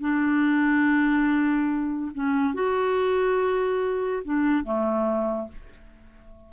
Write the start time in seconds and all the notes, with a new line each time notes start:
0.00 D4
2.14 C#4
2.54 F#4
4.24 D4
4.64 A3